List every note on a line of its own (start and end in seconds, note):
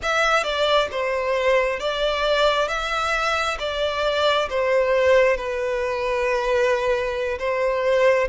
0.02 0.43 E5
0.43 0.88 D5
0.91 1.79 C5
1.79 2.68 D5
2.68 3.57 E5
3.59 4.48 D5
4.49 5.36 C5
5.36 7.38 B4
7.38 8.28 C5